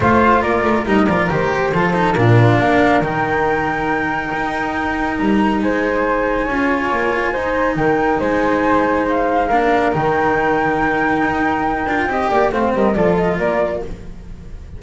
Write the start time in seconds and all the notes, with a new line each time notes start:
0.00 A3 F4 C5 F5
0.41 A#3 A#4 D5
0.63 A3
0.85 G3 D#4 D#5
1.06 F3 F4 D5
1.29 D#3 G4 C5
1.73 F3 F4 A4
1.93 D#4
2.12 A#2 D4 F4 A#4
2.59 A#3 A#4 F5
3.01 D#3 D#4 G5
4.33 D#4
5.18 G3 A#5
5.62 G#3 C5 G#5
6.44 C#4 F4 C#5
6.91 A#3
7.32 D#4 C5
7.75 D#3 A#4 G5
8.19 G#3 C5 G#5
9.08 F5
9.47 A#3 D4 A#4
9.92 D#3 D#4 G5
11.22 D#4
11.86 D4 F4
12.07 C4 G4 D#5
12.29 A#3 D5
12.51 A3 C4 C5 F5
12.73 G3 A#4 D#5
12.94 F3 F4 A4 D5
13.16 D#5
13.37 A#3 A#4 D5